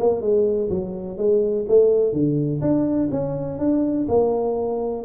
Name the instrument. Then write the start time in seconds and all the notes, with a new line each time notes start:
tuba
0.00 A#3
0.22 G#3
0.70 F#3
1.18 G#3
1.69 A3
2.13 D3
2.62 D4
3.12 C#4
3.59 D4
4.09 A#3